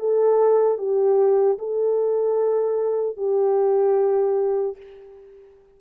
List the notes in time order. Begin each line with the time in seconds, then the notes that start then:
0.00 A4
0.78 G4
1.59 A4
3.17 G4